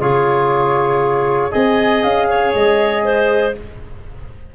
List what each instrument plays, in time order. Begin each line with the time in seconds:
0.00 tuba C#3, trombone F4, clarinet G#4, flute C#5
1.51 tuba C4, trombone G#4, clarinet D#5, flute G#5
2.03 tuba C#4, flute F5
2.28 clarinet C#5
2.53 tuba G#3, flute D#5
3.04 clarinet C5